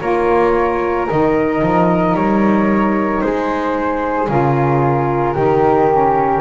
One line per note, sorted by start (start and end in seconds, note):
0.00 1.08 A#3
0.00 1.08 F4
0.00 3.22 A#4
0.00 1.07 C#5
1.08 1.62 D#3
1.08 4.27 D#4
1.08 2.15 D#5
1.62 2.14 F3
2.14 3.21 G3
2.14 3.21 C#5
3.21 4.28 G#3
3.21 5.35 G#4
3.21 4.29 C5
4.27 5.35 C#3
4.27 5.35 F4
4.27 6.41 A#4
5.35 6.41 D#3
5.35 5.89 D#4
5.35 6.41 G4
5.90 6.41 C#4